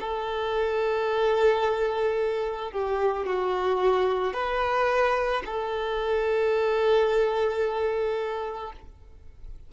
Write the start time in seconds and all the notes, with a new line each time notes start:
0.00 A4
2.72 G4
3.26 F#4
4.33 B4
5.45 A4